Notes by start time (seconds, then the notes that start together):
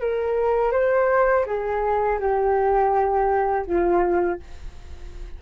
0.00 A#4
0.72 C5
1.46 G#4
2.19 G4
3.67 F4